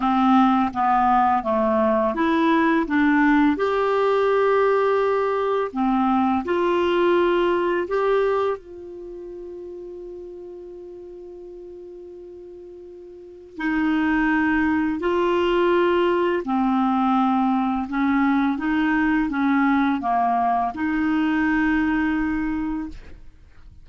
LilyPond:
\new Staff \with { instrumentName = "clarinet" } { \time 4/4 \tempo 4 = 84 c'4 b4 a4 e'4 | d'4 g'2. | c'4 f'2 g'4 | f'1~ |
f'2. dis'4~ | dis'4 f'2 c'4~ | c'4 cis'4 dis'4 cis'4 | ais4 dis'2. | }